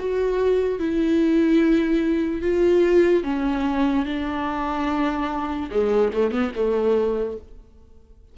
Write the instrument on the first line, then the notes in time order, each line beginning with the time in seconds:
viola
0.00 F#4
0.80 E4
2.42 F4
3.24 C#4
4.06 D4
5.71 G#3
6.13 A3
6.32 B3
6.56 A3